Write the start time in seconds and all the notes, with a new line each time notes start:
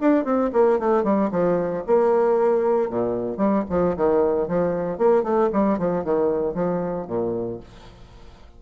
0.00 D4
0.24 C4
0.53 A#3
0.79 A3
1.03 G3
1.31 F3
1.86 A#3
2.89 A#2
3.37 G3
3.69 F3
3.96 D#3
4.48 F3
4.98 A#3
5.23 A3
5.53 G3
5.78 F3
6.04 D#3
6.54 F3
7.07 A#2